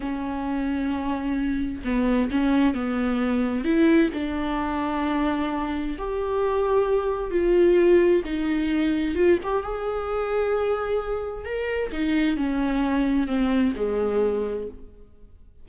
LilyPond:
\new Staff \with { instrumentName = "viola" } { \time 4/4 \tempo 4 = 131 cis'1 | b4 cis'4 b2 | e'4 d'2.~ | d'4 g'2. |
f'2 dis'2 | f'8 g'8 gis'2.~ | gis'4 ais'4 dis'4 cis'4~ | cis'4 c'4 gis2 | }